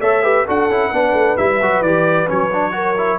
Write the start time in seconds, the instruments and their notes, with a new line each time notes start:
0.00 tuba A3, trombone A4, horn C#5, trumpet E5
0.23 trombone G4, horn B4
0.46 tuba D4, trombone F#4, horn A4, trumpet F#5
0.69 tuba C#4, trombone E4
0.91 tuba B3, trombone D4, horn B4
1.13 tuba A3
1.37 tuba G3, trombone E4, trumpet E5
1.62 tuba F#3, trombone F#4
1.81 tuba E3, trombone G4, trumpet D5
2.27 tuba F#3, trombone C#4, trumpet C#5
2.53 trombone D4
2.72 trombone F#4, horn A#4
2.98 trombone E4